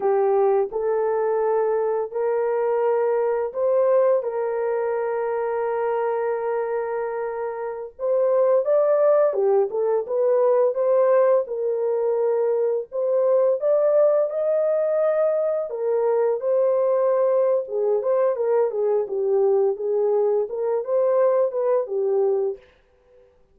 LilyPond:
\new Staff \with { instrumentName = "horn" } { \time 4/4 \tempo 4 = 85 g'4 a'2 ais'4~ | ais'4 c''4 ais'2~ | ais'2.~ ais'16 c''8.~ | c''16 d''4 g'8 a'8 b'4 c''8.~ |
c''16 ais'2 c''4 d''8.~ | d''16 dis''2 ais'4 c''8.~ | c''4 gis'8 c''8 ais'8 gis'8 g'4 | gis'4 ais'8 c''4 b'8 g'4 | }